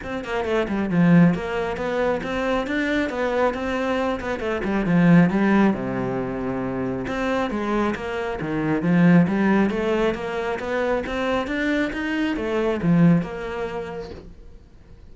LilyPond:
\new Staff \with { instrumentName = "cello" } { \time 4/4 \tempo 4 = 136 c'8 ais8 a8 g8 f4 ais4 | b4 c'4 d'4 b4 | c'4. b8 a8 g8 f4 | g4 c2. |
c'4 gis4 ais4 dis4 | f4 g4 a4 ais4 | b4 c'4 d'4 dis'4 | a4 f4 ais2 | }